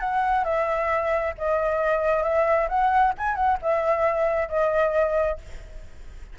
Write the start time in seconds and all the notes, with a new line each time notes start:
0.00 F#5
0.45 E5
1.38 D#5
2.23 E5
2.69 F#5
3.18 G#5
3.36 F#5
3.62 E5
4.49 D#5